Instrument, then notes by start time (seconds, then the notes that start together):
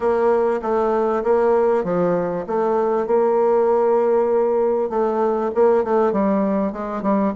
bassoon
0.00 A#3
0.62 A3
1.23 A#3
1.83 F3
2.46 A3
3.06 A#3
4.89 A3
5.54 A#3
5.84 A3
6.12 G3
6.72 G#3
7.02 G3